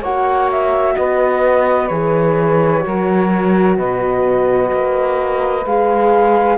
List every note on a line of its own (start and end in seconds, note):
0.00 0.95 A#3
0.00 1.91 F#4
0.00 0.94 C#5
0.00 0.50 F#5
0.51 0.96 E5
0.96 1.90 B3
0.96 2.84 B4
0.96 1.88 D#5
1.88 2.84 E3
1.88 2.81 G#4
1.88 3.75 C#5
2.81 5.62 F#4
2.81 3.77 A#4
2.87 3.78 F#3
3.77 4.71 B2
3.77 6.58 B4
3.77 5.66 D#5
4.72 5.66 A#3
5.66 6.58 G#3
5.66 6.58 G#4
5.66 6.58 F5